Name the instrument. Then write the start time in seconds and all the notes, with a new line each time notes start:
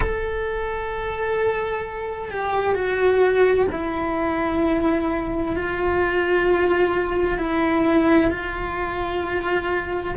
cello
0.00 A4
2.31 G4
2.74 F#4
3.71 E4
5.56 F4
7.38 E4
8.30 F4